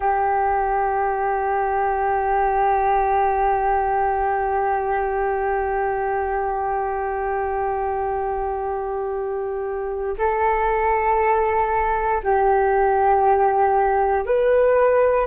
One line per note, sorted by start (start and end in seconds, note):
0.00 10.16 G4
10.18 12.21 A4
12.23 14.26 G4
14.26 15.27 B4